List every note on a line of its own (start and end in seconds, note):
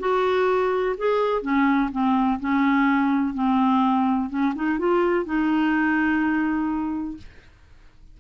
0.00 0.96 F#4
0.98 1.42 G#4
1.42 1.90 C#4
1.92 2.40 C4
2.40 3.34 C#4
3.34 4.30 C4
4.30 4.54 C#4
4.55 4.79 D#4
4.79 5.25 F4
5.25 7.17 D#4